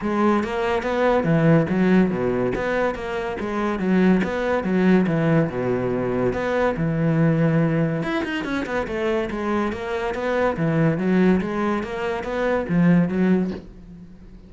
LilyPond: \new Staff \with { instrumentName = "cello" } { \time 4/4 \tempo 4 = 142 gis4 ais4 b4 e4 | fis4 b,4 b4 ais4 | gis4 fis4 b4 fis4 | e4 b,2 b4 |
e2. e'8 dis'8 | cis'8 b8 a4 gis4 ais4 | b4 e4 fis4 gis4 | ais4 b4 f4 fis4 | }